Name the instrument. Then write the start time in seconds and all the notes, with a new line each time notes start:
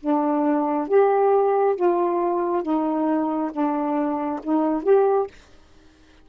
saxophone
0.00 D4
0.88 G4
1.76 F4
2.63 D#4
3.52 D4
4.43 D#4
4.83 G4